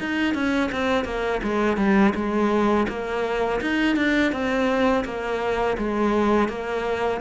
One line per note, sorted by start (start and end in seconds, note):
0.00 0.35 D#4
0.35 0.71 C#4
0.72 1.05 C4
1.05 1.41 A#3
1.43 1.77 G#3
1.77 2.14 G3
2.15 2.88 G#3
2.89 3.61 A#3
3.61 3.96 D#4
3.96 4.32 D4
4.32 5.05 C4
5.05 5.77 A#3
5.78 6.49 G#3
6.49 7.21 A#3